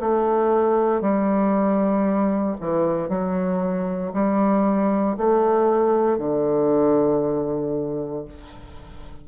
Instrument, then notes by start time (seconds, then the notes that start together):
bassoon
0.00 A3
1.01 G3
2.60 E3
3.09 F#3
4.13 G3
5.17 A3
6.18 D3